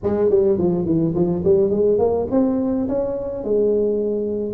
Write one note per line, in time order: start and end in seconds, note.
0.03 0.29 G#3
0.29 0.57 G3
0.57 0.85 F3
0.85 1.14 E3
1.14 1.43 F3
1.44 1.70 G3
1.70 1.98 G#3
1.98 2.27 A#3
2.30 2.88 C4
2.88 3.44 C#4
3.44 4.54 G#3